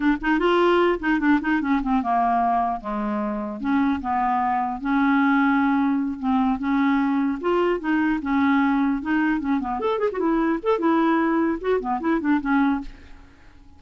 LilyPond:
\new Staff \with { instrumentName = "clarinet" } { \time 4/4 \tempo 4 = 150 d'8 dis'8 f'4. dis'8 d'8 dis'8 | cis'8 c'8 ais2 gis4~ | gis4 cis'4 b2 | cis'2.~ cis'8 c'8~ |
c'8 cis'2 f'4 dis'8~ | dis'8 cis'2 dis'4 cis'8 | b8 a'8 gis'16 fis'16 e'4 a'8 e'4~ | e'4 fis'8 b8 e'8 d'8 cis'4 | }